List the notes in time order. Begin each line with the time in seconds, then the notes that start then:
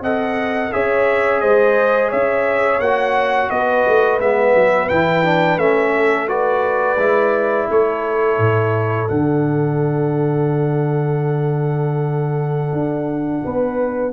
0.00 C4 A4 D#5 F#5
0.72 C#4 G#4 C#5 E5
1.40 G#3 C5 D#5
2.09 C#4 C#5 E5
2.79 A#3 F#4 F#5
3.49 B3 B4 D#5
3.87 A3
4.19 G#3 B3 E5
4.54 F#3
4.88 E3 E4 G5
5.24 D4
5.57 A3 C#4 E5
5.95 A4
6.27 F#4 B4 D5
6.97 G#3 E4
7.69 A3 A4 C#5
8.38 A2
9.08 D3 D4 F#5
12.72 D4
13.44 B3 B4